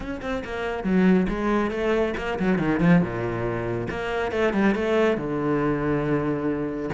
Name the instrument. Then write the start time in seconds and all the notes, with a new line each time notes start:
cello
0.00 C#4
0.21 C4
0.44 A#3
0.83 F#3
1.29 G#3
1.71 A3
2.17 A#3
2.39 F#3
2.58 D#3
2.79 F3
3.01 A#2
3.90 A#3
4.31 A3
4.53 G3
4.74 A3
5.17 D3